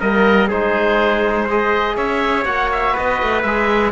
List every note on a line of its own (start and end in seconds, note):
0.00 0.51 G3
0.00 0.50 A#3
0.00 0.48 A#4
0.00 0.50 D#5
0.48 1.97 G#3
0.48 1.49 D#4
0.48 1.44 G#4
0.48 1.48 C5
1.44 2.46 G#4
1.44 1.93 C5
1.50 1.97 D#5
1.97 2.45 C#4
1.97 2.93 C#5
1.97 2.45 E5
2.45 2.95 A#3
2.45 3.44 F#4
2.45 2.70 F#5
2.72 2.97 E5
2.93 3.91 B4
2.93 3.42 D#5
2.99 3.22 B3
3.22 3.44 A3
3.42 3.92 G#3
3.42 3.92 G#4
3.42 3.91 E5